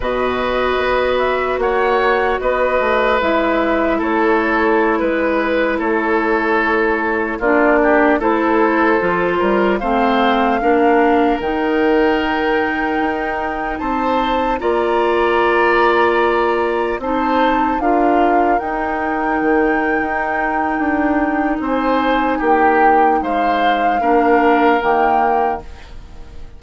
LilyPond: <<
  \new Staff \with { instrumentName = "flute" } { \time 4/4 \tempo 4 = 75 dis''4. e''8 fis''4 dis''4 | e''4 cis''4~ cis''16 b'4 cis''8.~ | cis''4~ cis''16 d''4 c''4.~ c''16~ | c''16 f''2 g''4.~ g''16~ |
g''4~ g''16 a''4 ais''4.~ ais''16~ | ais''4~ ais''16 a''4 f''4 g''8.~ | g''2. gis''4 | g''4 f''2 g''4 | }
  \new Staff \with { instrumentName = "oboe" } { \time 4/4 b'2 cis''4 b'4~ | b'4 a'4~ a'16 b'4 a'8.~ | a'4~ a'16 f'8 g'8 a'4. ais'16~ | ais'16 c''4 ais'2~ ais'8.~ |
ais'4~ ais'16 c''4 d''4.~ d''16~ | d''4~ d''16 c''4 ais'4.~ ais'16~ | ais'2. c''4 | g'4 c''4 ais'2 | }
  \new Staff \with { instrumentName = "clarinet" } { \time 4/4 fis'1 | e'1~ | e'4~ e'16 d'4 e'4 f'8.~ | f'16 c'4 d'4 dis'4.~ dis'16~ |
dis'2~ dis'16 f'4.~ f'16~ | f'4~ f'16 dis'4 f'4 dis'8.~ | dis'1~ | dis'2 d'4 ais4 | }
  \new Staff \with { instrumentName = "bassoon" } { \time 4/4 b,4 b4 ais4 b8 a8 | gis4 a4~ a16 gis4 a8.~ | a4~ a16 ais4 a4 f8 g16~ | g16 a4 ais4 dis4.~ dis16~ |
dis16 dis'4 c'4 ais4.~ ais16~ | ais4~ ais16 c'4 d'4 dis'8.~ | dis'16 dis8. dis'4 d'4 c'4 | ais4 gis4 ais4 dis4 | }
>>